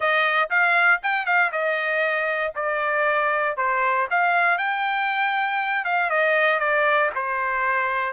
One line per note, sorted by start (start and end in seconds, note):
0.00 0.49 D#5
0.49 1.00 F5
1.03 1.26 G5
1.26 1.51 F5
1.52 2.53 D#5
2.55 3.56 D5
3.56 4.07 C5
4.10 4.58 F5
4.58 5.85 G5
5.85 6.10 F5
6.10 6.59 D#5
6.59 7.10 D5
7.15 8.12 C5